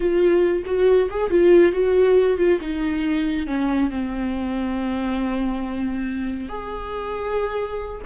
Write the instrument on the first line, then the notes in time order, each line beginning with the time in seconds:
viola
0.00 F4
0.65 F#4
1.10 G#4
1.30 F4
1.72 F#4
2.37 F4
2.60 D#4
3.46 C#4
3.90 C4
6.48 G#4